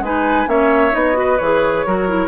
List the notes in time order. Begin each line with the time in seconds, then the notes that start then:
0.00 G#3 D#4 B4 G#5
0.47 A#3 C#4 C#5 E5
0.91 B3 D#4 D#5
1.13 F#4 B4
1.38 E3 G#4 C#5
1.86 F#3 F#4 A#4
2.08 E4